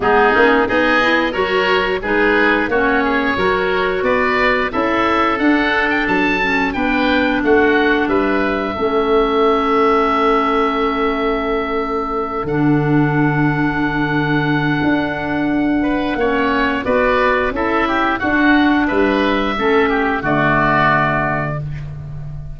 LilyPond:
<<
  \new Staff \with { instrumentName = "oboe" } { \time 4/4 \tempo 4 = 89 gis'4 dis''4 cis''4 b'4 | cis''2 d''4 e''4 | fis''8. g''16 a''4 g''4 fis''4 | e''1~ |
e''2~ e''8 fis''4.~ | fis''1~ | fis''4 d''4 e''4 fis''4 | e''2 d''2 | }
  \new Staff \with { instrumentName = "oboe" } { \time 4/4 dis'4 gis'4 ais'4 gis'4 | fis'8 gis'8 ais'4 b'4 a'4~ | a'2 b'4 fis'4 | b'4 a'2.~ |
a'1~ | a'2.~ a'8 b'8 | cis''4 b'4 a'8 g'8 fis'4 | b'4 a'8 g'8 fis'2 | }
  \new Staff \with { instrumentName = "clarinet" } { \time 4/4 b8 cis'8 dis'8 e'8 fis'4 dis'4 | cis'4 fis'2 e'4 | d'4. cis'8 d'2~ | d'4 cis'2.~ |
cis'2~ cis'8 d'4.~ | d'1 | cis'4 fis'4 e'4 d'4~ | d'4 cis'4 a2 | }
  \new Staff \with { instrumentName = "tuba" } { \time 4/4 gis8 ais8 b4 fis4 gis4 | ais4 fis4 b4 cis'4 | d'4 fis4 b4 a4 | g4 a2.~ |
a2~ a8 d4.~ | d2 d'2 | ais4 b4 cis'4 d'4 | g4 a4 d2 | }
>>